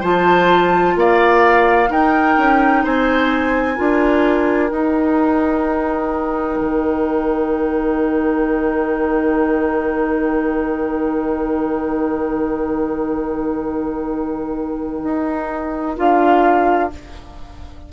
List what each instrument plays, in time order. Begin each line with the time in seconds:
0.00 bassoon F3, clarinet F4, oboe C5, flute A5
0.96 bassoon A#3, oboe D5, flute F5
1.88 clarinet D#4, bassoon D#4, oboe A#4, flute G5
2.37 bassoon C#4
2.84 bassoon C4, oboe C5, flute G#5
3.75 bassoon D4, clarinet F4, oboe A#4
4.71 clarinet D#4, bassoon D#4, flute G5
6.61 bassoon D#3
15.04 bassoon D#4
15.96 bassoon D4, clarinet F4, flute F5